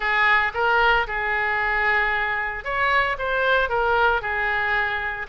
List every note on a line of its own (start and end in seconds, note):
0.00 0.52 G#4
0.54 1.06 A#4
1.07 2.64 G#4
2.64 3.17 C#5
3.18 3.69 C5
3.69 4.21 A#4
4.21 5.26 G#4